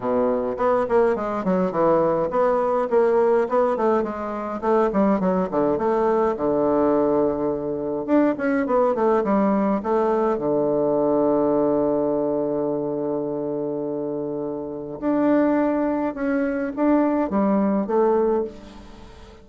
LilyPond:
\new Staff \with { instrumentName = "bassoon" } { \time 4/4 \tempo 4 = 104 b,4 b8 ais8 gis8 fis8 e4 | b4 ais4 b8 a8 gis4 | a8 g8 fis8 d8 a4 d4~ | d2 d'8 cis'8 b8 a8 |
g4 a4 d2~ | d1~ | d2 d'2 | cis'4 d'4 g4 a4 | }